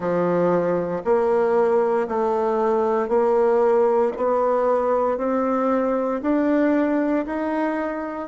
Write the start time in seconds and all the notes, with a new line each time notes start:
0.00 F3
1.04 A#3
2.07 A3
3.08 A#3
4.17 B3
5.17 C4
6.22 D4
7.26 D#4